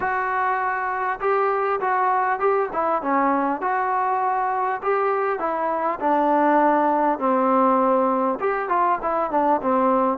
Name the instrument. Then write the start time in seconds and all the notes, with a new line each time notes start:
trombone
0.00 F#4
1.20 G4
1.80 F#4
2.39 G4
2.72 E4
3.02 C#4
3.61 F#4
4.82 G4
5.39 E4
6.00 D4
7.18 C4
8.39 G4
8.68 F4
9.02 E4
9.30 D4
9.62 C4